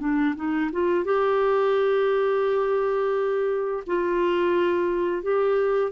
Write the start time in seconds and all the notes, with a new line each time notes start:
0.00 D4
0.36 D#4
0.72 F4
1.05 G4
3.87 F4
5.23 G4